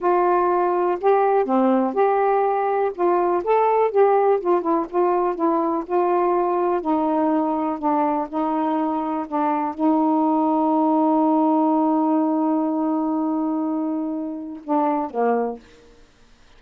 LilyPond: \new Staff \with { instrumentName = "saxophone" } { \time 4/4 \tempo 4 = 123 f'2 g'4 c'4 | g'2 f'4 a'4 | g'4 f'8 e'8 f'4 e'4 | f'2 dis'2 |
d'4 dis'2 d'4 | dis'1~ | dis'1~ | dis'2 d'4 ais4 | }